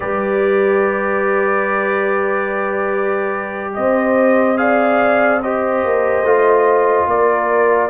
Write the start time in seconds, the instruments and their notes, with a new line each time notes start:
0.00 tuba G3, trombone G4, horn B4, trumpet D5
3.74 tuba C4, horn C5, trumpet D#5
4.57 trombone G#4, horn D5, trumpet F5
5.42 trombone G4, horn C5, trumpet D#5
5.84 tuba A#3
6.21 tuba A3, trombone F4
7.07 tuba A#3, horn A#4, trumpet D5